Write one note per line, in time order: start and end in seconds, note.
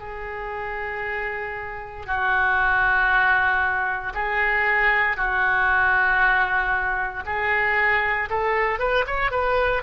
0.00 2.06 G#4
2.06 4.13 F#4
4.14 5.17 G#4
5.17 7.24 F#4
7.26 8.29 G#4
8.30 8.80 A4
8.80 9.06 B4
9.07 9.32 C#5
9.32 9.83 B4